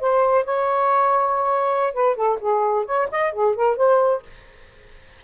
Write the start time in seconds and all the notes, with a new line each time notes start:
0.00 C5
0.44 C#5
1.93 B4
2.15 A4
2.40 G#4
2.85 C#5
3.11 D#5
3.32 G#4
3.55 A#4
3.77 C5